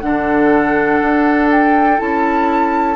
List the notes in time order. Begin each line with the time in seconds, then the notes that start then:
0.00 D3 D4 A4 F#5
1.01 D4
1.51 G5
1.97 C#4 E4 A5